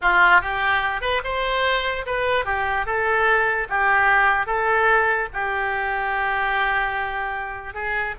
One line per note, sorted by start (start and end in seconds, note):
0.01 0.41 F4
0.41 1.01 G4
1.01 1.21 B4
1.24 2.05 C5
2.06 2.45 B4
2.45 2.86 G4
2.86 3.67 A4
3.69 4.46 G4
4.46 5.28 A4
5.33 7.74 G4
7.74 8.14 G#4